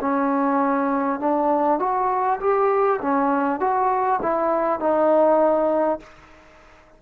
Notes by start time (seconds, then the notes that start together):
0.00 C#4
1.19 D4
1.79 F#4
2.40 G4
3.01 C#4
3.59 F#4
4.22 E4
4.79 D#4